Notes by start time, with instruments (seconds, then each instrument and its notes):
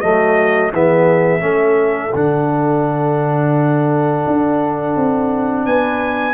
0.00 tuba F#3, trombone A3, horn F#4, trumpet D#5
0.71 tuba E3, trombone B3, horn G#4, trumpet E5
1.40 tuba A3, trombone C#4, horn A4
2.14 tuba D3, trombone D4, trumpet F#5
4.27 tuba D4
4.96 tuba C4
5.66 tuba B3, horn B4, trumpet G#5